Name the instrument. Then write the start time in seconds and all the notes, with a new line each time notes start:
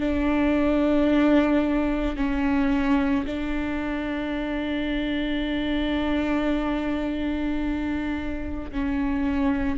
viola
0.00 D4
2.17 C#4
3.26 D4
8.72 C#4